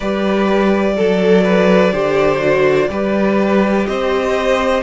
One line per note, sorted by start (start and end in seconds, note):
0.00 0.97 G3
0.00 0.97 G4
0.00 0.94 B4
0.00 3.86 D5
0.97 1.92 F#3
0.97 1.44 A4
0.97 1.92 A4
1.44 1.92 B4
1.92 2.89 D3
1.92 2.38 G4
1.92 2.89 C5
2.38 2.86 F#4
2.89 3.86 G3
2.89 4.82 G4
2.89 3.87 B4
3.86 4.82 C4
3.86 4.82 C5
3.86 4.82 D#5